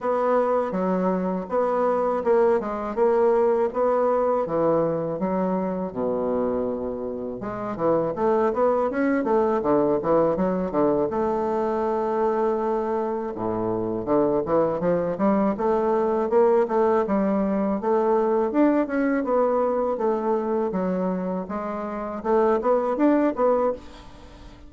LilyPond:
\new Staff \with { instrumentName = "bassoon" } { \time 4/4 \tempo 4 = 81 b4 fis4 b4 ais8 gis8 | ais4 b4 e4 fis4 | b,2 gis8 e8 a8 b8 | cis'8 a8 d8 e8 fis8 d8 a4~ |
a2 a,4 d8 e8 | f8 g8 a4 ais8 a8 g4 | a4 d'8 cis'8 b4 a4 | fis4 gis4 a8 b8 d'8 b8 | }